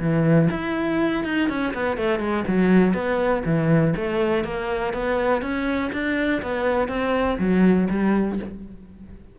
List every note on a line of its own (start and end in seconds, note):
0.00 0.49 E3
0.50 1.24 E4
1.24 1.49 D#4
1.49 1.73 C#4
1.74 1.97 B3
1.97 2.19 A3
2.19 2.44 G#3
2.47 2.94 F#3
2.94 3.43 B3
3.45 3.94 E3
3.96 4.44 A3
4.44 4.93 A#3
4.93 5.42 B3
5.42 5.91 C#4
5.93 6.42 D4
6.42 6.88 B3
6.88 7.37 C4
7.39 7.88 F#3
7.90 8.39 G3